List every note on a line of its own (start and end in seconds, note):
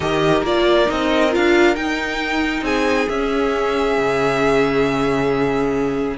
0.00 0.42 D#3
0.00 0.44 G4
0.00 2.64 A#4
0.00 0.42 D#5
0.42 0.86 A#3
0.42 0.85 F4
0.42 0.90 D5
0.85 1.35 C4
0.85 1.29 D#4
0.85 1.34 D#5
1.31 1.76 D4
1.31 1.75 F4
1.31 1.75 F5
1.75 2.62 D#4
1.75 3.08 D#4
1.75 2.63 G5
2.62 3.06 C4
2.62 6.17 G#4
2.62 3.09 G#5
3.09 3.97 C#4
3.09 6.18 C#4
3.09 6.17 E5
3.97 6.18 C#3